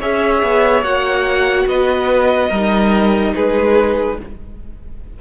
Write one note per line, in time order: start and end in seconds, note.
0.00 0.42 C#4
0.00 0.84 G#4
0.00 1.67 C#5
0.00 0.84 E5
0.42 0.82 B3
0.82 1.66 A#3
0.82 2.50 F#4
0.82 1.67 F#5
1.67 2.50 B3
1.67 2.49 B4
1.67 3.35 D#5
2.49 3.35 G3
2.49 4.21 D#4
2.49 3.33 A#4
3.35 4.20 G#3
3.35 4.18 G#4
3.35 4.19 B4